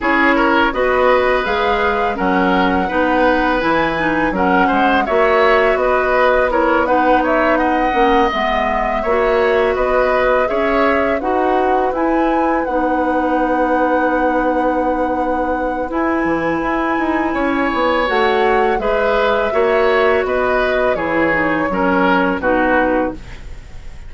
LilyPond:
<<
  \new Staff \with { instrumentName = "flute" } { \time 4/4 \tempo 4 = 83 cis''4 dis''4 f''4 fis''4~ | fis''4 gis''4 fis''4 e''4 | dis''4 cis''8 fis''8 e''8 fis''4 e''8~ | e''4. dis''4 e''4 fis''8~ |
fis''8 gis''4 fis''2~ fis''8~ | fis''2 gis''2~ | gis''4 fis''4 e''2 | dis''4 cis''2 b'4 | }
  \new Staff \with { instrumentName = "oboe" } { \time 4/4 gis'8 ais'8 b'2 ais'4 | b'2 ais'8 c''8 cis''4 | b'4 ais'8 b'8 cis''8 dis''4.~ | dis''8 cis''4 b'4 cis''4 b'8~ |
b'1~ | b'1 | cis''2 b'4 cis''4 | b'4 gis'4 ais'4 fis'4 | }
  \new Staff \with { instrumentName = "clarinet" } { \time 4/4 e'4 fis'4 gis'4 cis'4 | dis'4 e'8 dis'8 cis'4 fis'4~ | fis'4 e'8 dis'4. cis'8 b8~ | b8 fis'2 gis'4 fis'8~ |
fis'8 e'4 dis'2~ dis'8~ | dis'2 e'2~ | e'4 fis'4 gis'4 fis'4~ | fis'4 e'8 dis'8 cis'4 dis'4 | }
  \new Staff \with { instrumentName = "bassoon" } { \time 4/4 cis'4 b4 gis4 fis4 | b4 e4 fis8 gis8 ais4 | b2. ais8 gis8~ | gis8 ais4 b4 cis'4 dis'8~ |
dis'8 e'4 b2~ b8~ | b2 e'8 e8 e'8 dis'8 | cis'8 b8 a4 gis4 ais4 | b4 e4 fis4 b,4 | }
>>